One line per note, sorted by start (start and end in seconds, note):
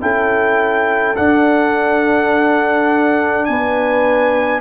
0.00 1.17 C#4
0.00 1.15 E4
0.00 3.48 A4
0.00 1.16 G5
1.16 4.61 D4
1.16 3.48 D4
1.16 3.45 F#5
3.45 4.61 B3
3.45 4.61 B4
3.45 4.60 G#5